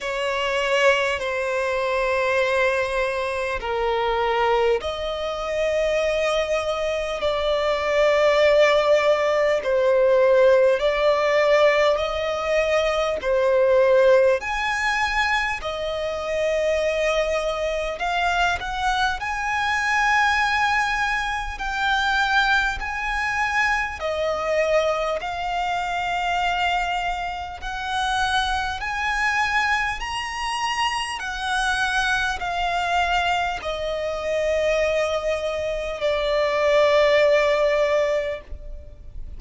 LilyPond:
\new Staff \with { instrumentName = "violin" } { \time 4/4 \tempo 4 = 50 cis''4 c''2 ais'4 | dis''2 d''2 | c''4 d''4 dis''4 c''4 | gis''4 dis''2 f''8 fis''8 |
gis''2 g''4 gis''4 | dis''4 f''2 fis''4 | gis''4 ais''4 fis''4 f''4 | dis''2 d''2 | }